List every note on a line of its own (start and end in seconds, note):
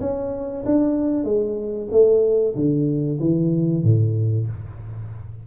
0.00 0.64 C#4
0.65 1.24 D4
1.24 1.87 G#3
1.91 2.55 A3
2.55 3.19 D3
3.20 3.83 E3
3.83 4.47 A2